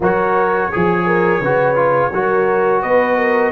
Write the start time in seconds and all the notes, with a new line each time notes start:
0.00 F#3 F#4 A#4 C#5
0.70 F3 G#4
1.06 A#4
1.40 C#3 F#4 B4
1.75 F4
2.12 F#3 F#4 A#4
2.81 B3 B4 D#5
3.16 A#4